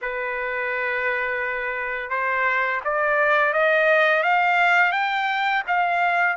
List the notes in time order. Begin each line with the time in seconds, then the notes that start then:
0.01 B4
2.10 C5
2.84 D5
3.53 D#5
4.23 F5
4.92 G5
5.67 F5